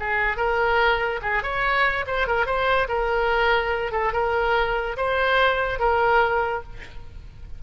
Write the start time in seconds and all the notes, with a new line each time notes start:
0.00 G#4
0.37 A#4
1.22 G#4
1.43 C#5
2.07 C5
2.28 A#4
2.46 C5
2.89 A#4
3.92 A4
4.13 A#4
4.97 C5
5.80 A#4